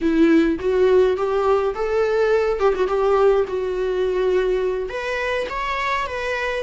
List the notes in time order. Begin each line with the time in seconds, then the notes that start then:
0.01 E4
0.59 F#4
1.16 G4
1.75 A4
2.59 G4
2.74 F#4
2.87 G4
3.47 F#4
4.89 B4
5.49 C#5
6.06 B4